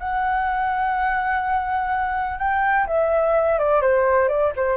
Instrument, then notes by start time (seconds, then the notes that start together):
flute
0.00 F#5
2.39 G5
2.87 E5
3.59 D5
3.82 C5
4.29 D5
4.56 C5